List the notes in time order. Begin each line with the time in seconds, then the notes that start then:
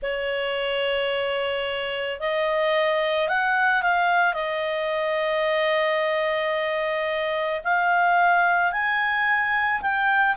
0.02 C#5
2.20 D#5
3.28 F#5
3.82 F5
4.33 D#5
7.64 F5
8.72 G#5
9.81 G5